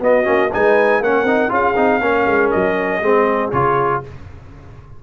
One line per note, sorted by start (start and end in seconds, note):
0.00 0.25 B3
0.00 0.24 B3
0.00 0.52 F#4
0.00 0.53 D#5
0.24 0.52 A#3
0.24 0.49 C#4
0.52 1.00 G#3
0.52 1.03 D#4
0.52 1.02 B4
0.52 1.03 G#5
1.00 1.23 A#3
1.00 1.27 C#4
1.00 1.52 A#4
1.00 1.53 F#5
1.23 1.48 C4
1.23 1.49 D#4
1.49 1.76 C#4
1.49 1.74 F4
1.49 2.02 G#4
1.49 2.51 F5
1.76 2.01 C4
1.76 2.01 D#4
2.01 2.26 A#3
2.01 3.02 C#4
2.01 3.02 A#4
2.26 2.51 G#3
2.51 3.02 F#3
2.51 3.51 D#5
3.02 3.52 G#3
3.02 3.52 C4
3.02 4.02 G#4
3.51 4.02 C#3
3.51 4.03 F4
3.51 4.01 C#5